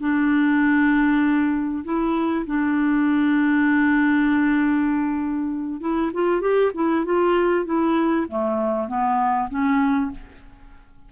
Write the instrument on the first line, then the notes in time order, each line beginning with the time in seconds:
clarinet
0.00 D4
1.84 E4
2.46 D4
5.81 E4
6.13 F4
6.41 G4
6.74 E4
7.05 F4
7.65 E4
8.28 A3
8.88 B3
9.50 C#4